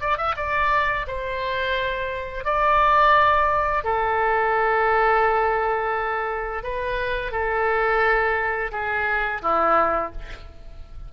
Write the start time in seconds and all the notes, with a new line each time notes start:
0.00 D5
0.17 E5
0.36 D5
1.07 C5
2.44 D5
3.84 A4
6.63 B4
7.31 A4
8.71 G#4
9.42 E4